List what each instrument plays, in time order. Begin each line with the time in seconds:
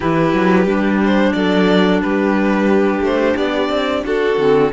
0.00 cello E3, clarinet E4, violin G4 B4
0.33 cello F#3
0.64 cello G3, clarinet D4
1.04 violin C5
1.32 cello F#3, violin A4 D5
2.01 cello G3, violin G4 B4
3.00 cello A3, violin C5
3.36 cello B3, violin D5
3.69 cello C4
4.04 cello D4, violin F#4 A4
4.37 cello D3, clarinet C4